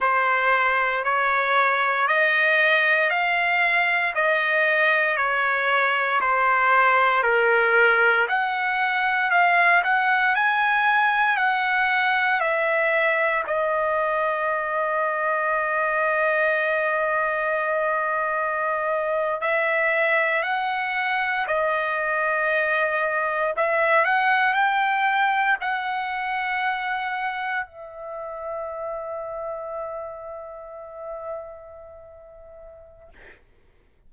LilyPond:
\new Staff \with { instrumentName = "trumpet" } { \time 4/4 \tempo 4 = 58 c''4 cis''4 dis''4 f''4 | dis''4 cis''4 c''4 ais'4 | fis''4 f''8 fis''8 gis''4 fis''4 | e''4 dis''2.~ |
dis''2~ dis''8. e''4 fis''16~ | fis''8. dis''2 e''8 fis''8 g''16~ | g''8. fis''2 e''4~ e''16~ | e''1 | }